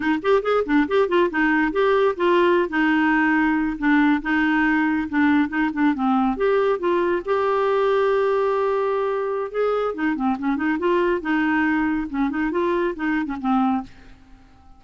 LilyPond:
\new Staff \with { instrumentName = "clarinet" } { \time 4/4 \tempo 4 = 139 dis'8 g'8 gis'8 d'8 g'8 f'8 dis'4 | g'4 f'4~ f'16 dis'4.~ dis'16~ | dis'8. d'4 dis'2 d'16~ | d'8. dis'8 d'8 c'4 g'4 f'16~ |
f'8. g'2.~ g'16~ | g'2 gis'4 dis'8 c'8 | cis'8 dis'8 f'4 dis'2 | cis'8 dis'8 f'4 dis'8. cis'16 c'4 | }